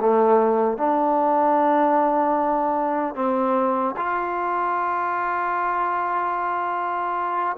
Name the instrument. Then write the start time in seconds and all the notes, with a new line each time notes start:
trombone
0.00 A3
0.78 D4
3.16 C4
3.97 F4